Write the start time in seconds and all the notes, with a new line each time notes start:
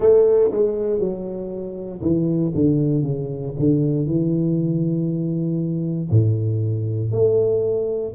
0.00 A3
0.51 G#3
0.99 F#3
2.01 E3
2.54 D3
3.02 C#3
3.58 D3
4.06 E3
6.10 A2
7.11 A3